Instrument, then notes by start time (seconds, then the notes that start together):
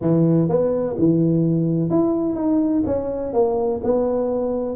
tuba
0.01 E3
0.48 B3
0.98 E3
1.90 E4
2.35 D#4
2.86 C#4
3.33 A#3
3.83 B3